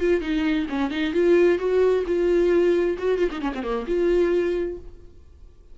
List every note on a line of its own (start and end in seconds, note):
0.00 0.21 F4
0.21 0.66 D#4
0.69 0.90 C#4
0.90 1.13 D#4
1.13 1.58 F4
1.58 2.04 F#4
2.06 2.97 F4
2.98 3.18 F#4
3.18 3.29 F4
3.31 3.41 D#4
3.41 3.52 C#4
3.54 3.63 C4
3.63 3.86 A#3
3.87 4.77 F4